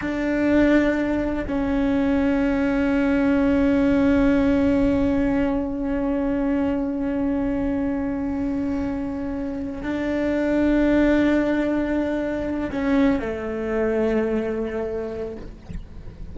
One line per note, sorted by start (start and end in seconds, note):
0.01 1.45 D4
1.47 9.82 C#4
9.82 12.70 D4
12.71 13.19 C#4
13.19 15.35 A3